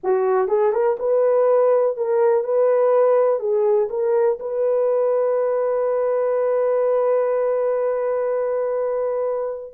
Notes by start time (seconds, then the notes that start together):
0.03 F#4
0.48 G#4
0.72 A#4
0.99 B4
1.96 A#4
2.43 B4
3.39 G#4
3.89 A#4
4.39 B4